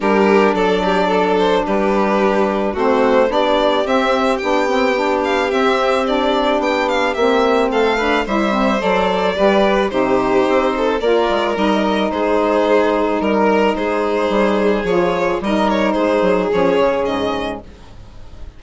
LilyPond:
<<
  \new Staff \with { instrumentName = "violin" } { \time 4/4 \tempo 4 = 109 ais'4 d''4. c''8 b'4~ | b'4 c''4 d''4 e''4 | g''4. f''8 e''4 d''4 | g''8 f''8 e''4 f''4 e''4 |
d''2 c''2 | d''4 dis''4 c''2 | ais'4 c''2 cis''4 | dis''8 cis''8 c''4 cis''4 dis''4 | }
  \new Staff \with { instrumentName = "violin" } { \time 4/4 g'4 a'8 g'8 a'4 g'4~ | g'4 fis'4 g'2~ | g'1~ | g'2 a'8 b'8 c''4~ |
c''4 b'4 g'4. a'8 | ais'2 gis'2 | ais'4 gis'2. | ais'4 gis'2. | }
  \new Staff \with { instrumentName = "saxophone" } { \time 4/4 d'1~ | d'4 c'4 d'4 c'4 | d'8 c'8 d'4 c'4 d'4~ | d'4 c'4. d'8 e'8 c'8 |
a'4 g'4 dis'2 | f'4 dis'2.~ | dis'2. f'4 | dis'2 cis'2 | }
  \new Staff \with { instrumentName = "bassoon" } { \time 4/4 g4 fis2 g4~ | g4 a4 b4 c'4 | b2 c'2 | b4 ais4 a4 g4 |
fis4 g4 c4 c'4 | ais8 gis8 g4 gis2 | g4 gis4 g4 f4 | g4 gis8 fis8 f8 cis8 gis,4 | }
>>